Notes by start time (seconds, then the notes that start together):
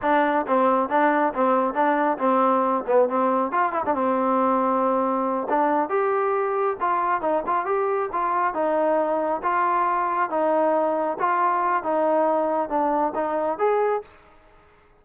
0.02 D4
0.47 C4
0.89 D4
1.34 C4
1.73 D4
2.18 C4
2.86 B3
3.08 C4
3.51 F4
3.72 E4
3.85 D4
3.94 C4
5.49 D4
5.89 G4
6.80 F4
7.21 D#4
7.46 F4
7.65 G4
8.12 F4
8.54 D#4
9.42 F4
10.29 D#4
11.19 F4
11.83 D#4
12.69 D4
13.15 D#4
13.58 G#4